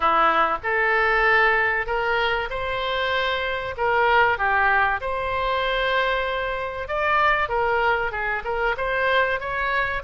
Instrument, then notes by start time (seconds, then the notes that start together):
oboe
0.00 E4
0.63 A4
1.86 A#4
2.49 C5
3.77 A#4
4.38 G4
5.00 C5
6.88 D5
7.49 A#4
8.11 G#4
8.44 A#4
8.77 C5
9.40 C#5